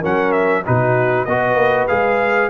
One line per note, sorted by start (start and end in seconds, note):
0.00 0.65 F#3
0.00 0.64 C#4
0.00 0.62 A#4
0.00 0.31 F#5
0.31 0.62 E5
0.65 1.26 B2
0.65 1.27 D#4
0.65 1.27 F#4
0.65 1.24 B4
1.24 1.54 B3
1.24 1.88 F#4
1.24 2.49 B4
1.24 1.86 D#5
1.54 1.85 A#3
1.87 2.49 G#3
1.87 2.49 G#4
1.87 2.49 F5